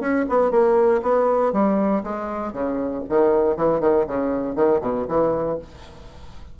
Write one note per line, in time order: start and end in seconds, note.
0.00 0.25 C#4
0.29 0.51 B3
0.51 1.02 A#3
1.02 1.52 B3
1.52 2.03 G3
2.04 2.53 G#3
2.53 3.03 C#3
3.09 3.57 D#3
3.57 3.80 E3
3.80 4.05 D#3
4.07 4.55 C#3
4.55 4.81 D#3
4.81 5.06 B2
5.08 5.59 E3